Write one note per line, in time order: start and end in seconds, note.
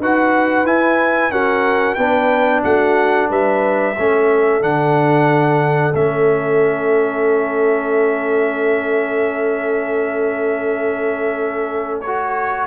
0.00 0.65 D#4
0.00 0.66 F#4
0.00 1.32 B4
0.00 0.66 F#5
0.65 1.30 E4
0.65 1.31 E4
0.65 1.31 G#5
1.31 1.97 C#4
1.31 1.97 F#4
1.31 1.96 A#4
1.31 1.95 F#5
1.95 2.63 B3
1.95 3.95 D4
1.95 2.62 B4
1.95 2.61 G5
2.64 3.30 A3
2.64 3.29 F#4
2.64 3.30 F#5
3.29 3.96 G3
3.29 3.95 B4
3.29 4.63 E5
3.98 4.62 A3
3.98 4.61 C#4
3.98 12.67 A4
4.61 5.94 D3
4.61 5.93 D4
4.61 5.95 F#5
5.94 12.67 A3
5.94 12.04 C#4
5.94 12.01 E5
12.01 12.67 F#4
12.01 12.67 C#5